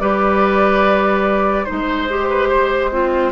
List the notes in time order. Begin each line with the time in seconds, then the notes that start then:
0.00 G3 G4 B4 D5
1.65 D#4 C5
1.72 G#3
2.09 G4
2.30 B4
2.49 C5
2.92 C4 F4